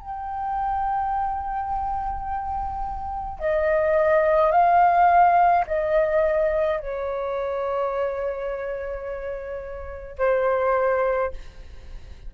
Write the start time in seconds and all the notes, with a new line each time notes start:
0.00 G5
3.40 D#5
4.51 F5
5.67 D#5
6.80 C#5
10.18 C5